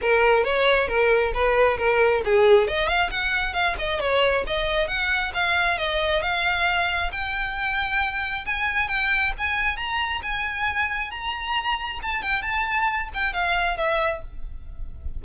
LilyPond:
\new Staff \with { instrumentName = "violin" } { \time 4/4 \tempo 4 = 135 ais'4 cis''4 ais'4 b'4 | ais'4 gis'4 dis''8 f''8 fis''4 | f''8 dis''8 cis''4 dis''4 fis''4 | f''4 dis''4 f''2 |
g''2. gis''4 | g''4 gis''4 ais''4 gis''4~ | gis''4 ais''2 a''8 g''8 | a''4. g''8 f''4 e''4 | }